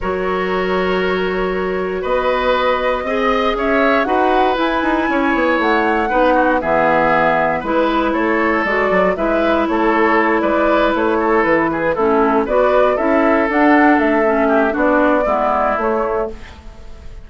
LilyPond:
<<
  \new Staff \with { instrumentName = "flute" } { \time 4/4 \tempo 4 = 118 cis''1 | dis''2. e''4 | fis''4 gis''2 fis''4~ | fis''4 e''2 b'4 |
cis''4 d''4 e''4 cis''4~ | cis''8 d''4 cis''4 b'4 a'8~ | a'8 d''4 e''4 fis''4 e''8~ | e''4 d''2 cis''4 | }
  \new Staff \with { instrumentName = "oboe" } { \time 4/4 ais'1 | b'2 dis''4 cis''4 | b'2 cis''2 | b'8 fis'8 gis'2 b'4 |
a'2 b'4 a'4~ | a'8 b'4. a'4 gis'8 e'8~ | e'8 b'4 a'2~ a'8~ | a'8 g'8 fis'4 e'2 | }
  \new Staff \with { instrumentName = "clarinet" } { \time 4/4 fis'1~ | fis'2 gis'2 | fis'4 e'2. | dis'4 b2 e'4~ |
e'4 fis'4 e'2~ | e'2.~ e'8 cis'8~ | cis'8 fis'4 e'4 d'4. | cis'4 d'4 b4 a4 | }
  \new Staff \with { instrumentName = "bassoon" } { \time 4/4 fis1 | b2 c'4 cis'4 | dis'4 e'8 dis'8 cis'8 b8 a4 | b4 e2 gis4 |
a4 gis8 fis8 gis4 a4~ | a8 gis4 a4 e4 a8~ | a8 b4 cis'4 d'4 a8~ | a4 b4 gis4 a4 | }
>>